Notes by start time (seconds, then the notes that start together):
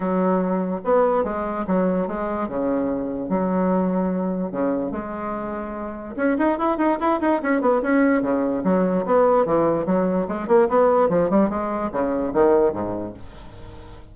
0.00 F#3
0.84 B3
1.24 G#3
1.67 F#3
2.07 G#3
2.48 C#3
3.29 F#3
4.51 C#3
4.91 G#3
6.16 C#4
6.38 D#4
6.58 E4
6.77 D#4
7.00 E4
7.20 D#4
7.42 C#4
7.61 B3
7.82 C#4
8.22 C#3
8.64 F#3
9.05 B3
9.45 E3
9.86 F#3
10.28 G#3
10.47 A#3
10.68 B3
11.09 F3
11.30 G3
11.49 G#3
11.92 C#3
12.33 D#3
12.72 G#2